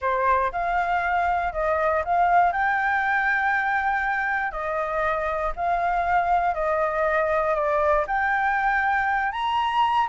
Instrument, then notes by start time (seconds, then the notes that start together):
flute
0.01 C5
0.52 F5
1.52 D#5
2.04 F5
2.52 G5
4.51 D#5
5.56 F5
6.54 D#5
7.54 D5
8.07 G5
9.32 A#5